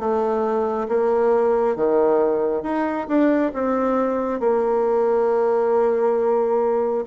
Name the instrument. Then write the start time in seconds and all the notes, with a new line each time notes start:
bassoon
0.00 A3
0.89 A#3
1.76 D#3
2.64 D#4
3.08 D4
3.54 C4
4.40 A#3